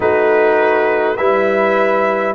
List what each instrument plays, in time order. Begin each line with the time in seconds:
0.00 tuba A3, trombone D#4, horn F#4, trumpet B4
1.16 tuba G3, trombone E4, horn B4, trumpet E5